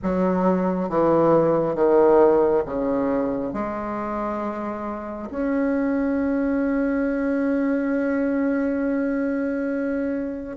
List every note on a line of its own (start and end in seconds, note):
0.02 0.89 F#3
0.89 1.75 E3
1.75 2.63 D#3
2.65 3.53 C#3
3.53 5.29 G#3
5.30 10.56 C#4